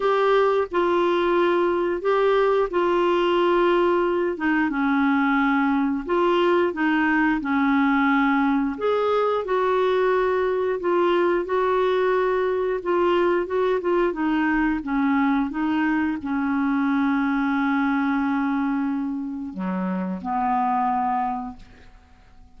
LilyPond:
\new Staff \with { instrumentName = "clarinet" } { \time 4/4 \tempo 4 = 89 g'4 f'2 g'4 | f'2~ f'8 dis'8 cis'4~ | cis'4 f'4 dis'4 cis'4~ | cis'4 gis'4 fis'2 |
f'4 fis'2 f'4 | fis'8 f'8 dis'4 cis'4 dis'4 | cis'1~ | cis'4 fis4 b2 | }